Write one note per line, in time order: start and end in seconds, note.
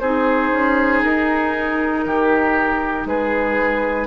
0.00 0.51 C4
0.00 4.07 D#4
0.00 2.04 G#4
0.00 1.02 C5
0.52 1.03 C#4
1.03 2.06 D#4
1.03 3.07 A#4
2.06 3.05 D#3
2.06 3.08 G4
3.05 4.07 G#3
3.05 4.07 G#4
3.05 4.07 B4